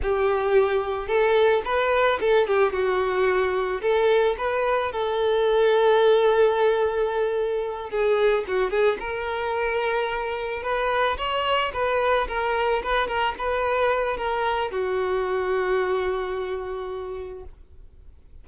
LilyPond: \new Staff \with { instrumentName = "violin" } { \time 4/4 \tempo 4 = 110 g'2 a'4 b'4 | a'8 g'8 fis'2 a'4 | b'4 a'2.~ | a'2~ a'8 gis'4 fis'8 |
gis'8 ais'2. b'8~ | b'8 cis''4 b'4 ais'4 b'8 | ais'8 b'4. ais'4 fis'4~ | fis'1 | }